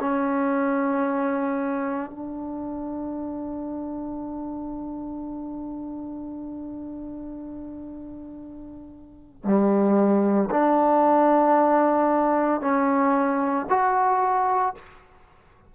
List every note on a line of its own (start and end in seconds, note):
0.00 2.10 C#4
2.10 9.44 D4
9.44 10.49 G3
10.51 12.61 D4
12.61 13.66 C#4
13.69 14.75 F#4